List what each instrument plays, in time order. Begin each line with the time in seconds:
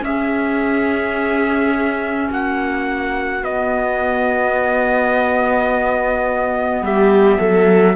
0.00 clarinet C#4, cello C#4, viola G#4, trumpet E5
2.30 cello A#3, viola F#4, trumpet F#5
3.42 cello B3, clarinet B3, trumpet D#5
6.81 cello G3, viola G4, trumpet E5
7.38 cello F#3, viola A4